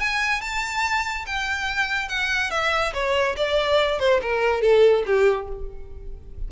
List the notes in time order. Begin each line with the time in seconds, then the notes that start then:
0.00 G#5
0.41 A5
1.27 G5
2.09 F#5
2.51 E5
2.94 C#5
3.37 D5
4.00 C5
4.22 A#4
4.62 A4
5.07 G4